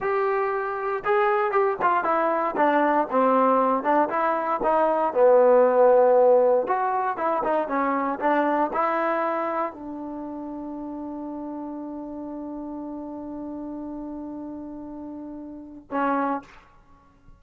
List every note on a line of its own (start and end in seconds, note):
0.00 1.03 G4
1.04 1.51 G#4
1.51 1.77 G4
1.81 2.03 F4
2.03 2.55 E4
2.56 3.07 D4
3.10 3.83 C4
3.83 4.09 D4
4.09 4.60 E4
4.63 5.13 D#4
5.13 6.67 B3
6.67 7.17 F#4
7.17 7.42 E4
7.43 7.68 D#4
7.68 8.19 C#4
8.19 8.70 D4
8.73 9.72 E4
9.72 15.88 D4
15.90 16.42 C#4